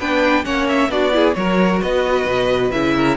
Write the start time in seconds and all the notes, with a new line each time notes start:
0.00 B3 D4 B4 G5
0.44 A#3 C#4 C#5 F#5
0.68 E5
0.89 B3 D4 F#4 D5
1.12 E4 G#4
1.35 F#3 F#4 A#4 C#5
1.82 B3 B4 D#5
2.26 B2
2.72 C#3 E4 E5
2.96 A#4